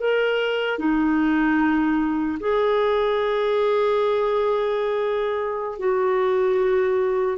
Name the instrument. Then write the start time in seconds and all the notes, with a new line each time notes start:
clarinet
0.00 A#4
0.79 D#4
2.40 G#4
5.79 F#4